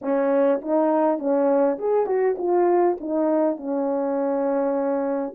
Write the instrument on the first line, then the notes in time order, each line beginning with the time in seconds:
horn
0.01 C#4
0.61 D#4
1.18 C#4
1.78 G#4
2.06 F#4
2.38 F4
3.00 D#4
3.56 C#4